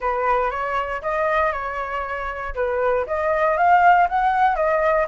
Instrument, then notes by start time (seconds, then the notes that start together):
flute
0.00 B4
0.50 C#5
1.01 D#5
1.52 C#5
2.54 B4
3.06 D#5
3.57 F5
4.08 F#5
4.55 D#5